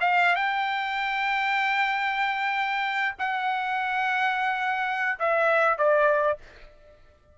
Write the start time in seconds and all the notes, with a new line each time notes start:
0.00 F5
0.35 G5
3.19 F#5
5.19 E5
5.78 D5